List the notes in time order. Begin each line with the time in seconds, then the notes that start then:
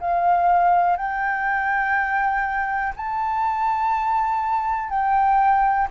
0.00 F5
0.97 G5
2.96 A5
4.89 G5